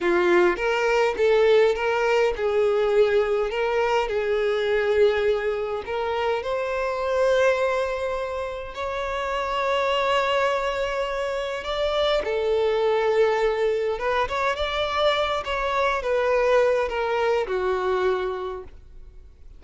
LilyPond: \new Staff \with { instrumentName = "violin" } { \time 4/4 \tempo 4 = 103 f'4 ais'4 a'4 ais'4 | gis'2 ais'4 gis'4~ | gis'2 ais'4 c''4~ | c''2. cis''4~ |
cis''1 | d''4 a'2. | b'8 cis''8 d''4. cis''4 b'8~ | b'4 ais'4 fis'2 | }